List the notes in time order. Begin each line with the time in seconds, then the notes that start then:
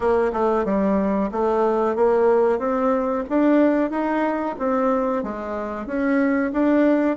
0.00 A#3
0.32 A3
0.65 G3
1.31 A3
1.95 A#3
2.58 C4
3.29 D4
3.90 D#4
4.58 C4
5.23 G#3
5.86 C#4
6.52 D4